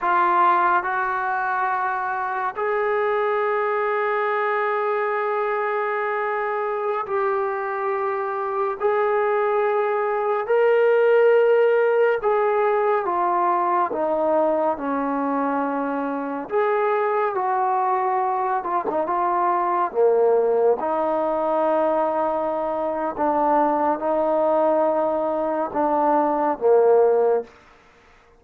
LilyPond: \new Staff \with { instrumentName = "trombone" } { \time 4/4 \tempo 4 = 70 f'4 fis'2 gis'4~ | gis'1~ | gis'16 g'2 gis'4.~ gis'16~ | gis'16 ais'2 gis'4 f'8.~ |
f'16 dis'4 cis'2 gis'8.~ | gis'16 fis'4. f'16 dis'16 f'4 ais8.~ | ais16 dis'2~ dis'8. d'4 | dis'2 d'4 ais4 | }